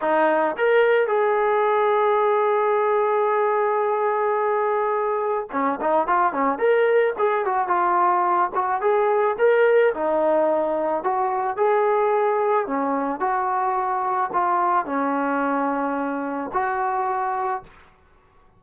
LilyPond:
\new Staff \with { instrumentName = "trombone" } { \time 4/4 \tempo 4 = 109 dis'4 ais'4 gis'2~ | gis'1~ | gis'2 cis'8 dis'8 f'8 cis'8 | ais'4 gis'8 fis'8 f'4. fis'8 |
gis'4 ais'4 dis'2 | fis'4 gis'2 cis'4 | fis'2 f'4 cis'4~ | cis'2 fis'2 | }